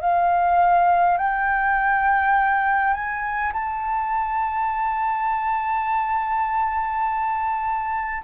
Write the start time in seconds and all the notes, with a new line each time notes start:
0.00 F5
1.18 G5
2.94 G#5
3.52 A5